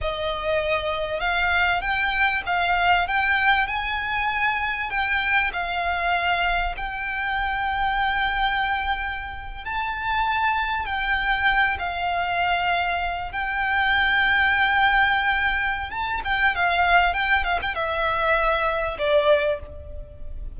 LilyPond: \new Staff \with { instrumentName = "violin" } { \time 4/4 \tempo 4 = 98 dis''2 f''4 g''4 | f''4 g''4 gis''2 | g''4 f''2 g''4~ | g''2.~ g''8. a''16~ |
a''4.~ a''16 g''4. f''8.~ | f''4.~ f''16 g''2~ g''16~ | g''2 a''8 g''8 f''4 | g''8 f''16 g''16 e''2 d''4 | }